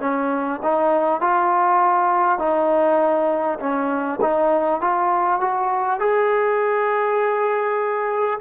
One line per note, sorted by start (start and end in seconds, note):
0.00 0.60 C#4
0.63 1.21 D#4
1.21 2.39 F4
2.39 3.59 D#4
3.59 4.19 C#4
4.21 4.81 D#4
4.81 5.41 F4
5.41 5.99 F#4
5.99 8.39 G#4